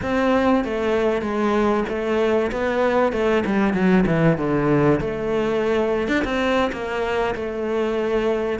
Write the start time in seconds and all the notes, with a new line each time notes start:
0.02 C4
0.64 A3
1.21 G#3
1.88 A3
2.51 B3
3.12 A3
3.45 G3
3.73 F#3
4.06 E3
4.37 D3
5.00 A3
6.08 D4
6.24 C4
6.72 A#3
7.35 A3